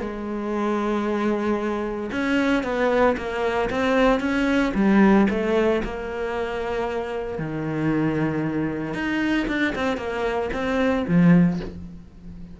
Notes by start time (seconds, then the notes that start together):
0.00 G#3
2.12 C#4
2.63 B3
3.17 A#3
3.70 C4
4.20 C#4
4.74 G3
5.30 A3
5.84 A#3
7.38 D#3
8.94 D#4
9.48 D4
9.75 C4
9.97 A#3
10.53 C4
11.07 F3